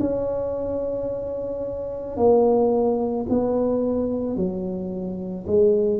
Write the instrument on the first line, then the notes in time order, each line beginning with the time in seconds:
tuba
0.00 C#4
2.17 A#3
3.29 B3
4.36 F#3
5.47 G#3